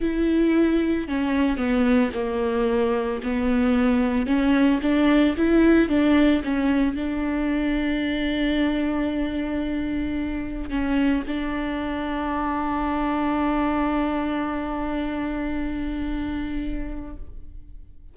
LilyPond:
\new Staff \with { instrumentName = "viola" } { \time 4/4 \tempo 4 = 112 e'2 cis'4 b4 | ais2 b2 | cis'4 d'4 e'4 d'4 | cis'4 d'2.~ |
d'1 | cis'4 d'2.~ | d'1~ | d'1 | }